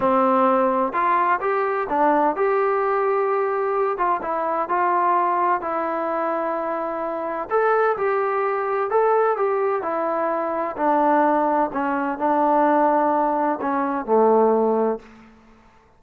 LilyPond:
\new Staff \with { instrumentName = "trombone" } { \time 4/4 \tempo 4 = 128 c'2 f'4 g'4 | d'4 g'2.~ | g'8 f'8 e'4 f'2 | e'1 |
a'4 g'2 a'4 | g'4 e'2 d'4~ | d'4 cis'4 d'2~ | d'4 cis'4 a2 | }